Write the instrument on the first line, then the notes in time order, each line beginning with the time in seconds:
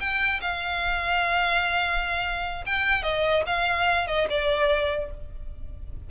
violin
0.00 G5
0.41 F5
2.66 G5
3.03 D#5
3.47 F5
4.07 D#5
4.30 D5